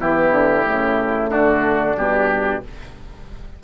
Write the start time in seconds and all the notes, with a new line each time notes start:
0.00 E3 B3 E4 G4
0.31 D3
0.64 C#3 A3
1.31 D3 D4 F#4
1.96 B2 G3 G4